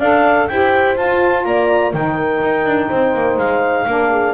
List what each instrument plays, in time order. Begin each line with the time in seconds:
0.00 double bass D4, saxophone A4, horn D5, clarinet F5
0.48 double bass E4, saxophone G4, horn C5, clarinet G5
0.96 saxophone F4, double bass F4, clarinet A5
1.45 double bass A#3, horn D5, clarinet A#5
1.94 double bass D#3, saxophone D#4, horn A#4, clarinet G5
2.42 double bass D#4
2.66 double bass D4
2.89 double bass C4, horn C5
3.14 double bass A#3
3.38 double bass G#3, clarinet F5
3.87 double bass A#3, saxophone D4, horn A#4
4.12 horn G#4